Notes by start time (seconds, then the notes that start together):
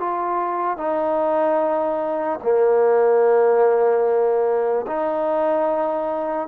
0.00 F4
0.78 D#4
2.43 A#3
4.87 D#4